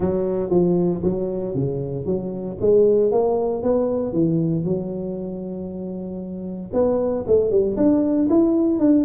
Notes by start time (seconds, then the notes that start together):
0.00 F#3
0.50 F3
1.03 F#3
1.54 C#3
2.05 F#3
2.60 G#3
3.11 A#3
3.62 B3
4.12 E3
4.64 F#3
6.73 B3
7.27 A3
7.50 G3
7.76 D4
8.29 E4
8.79 D4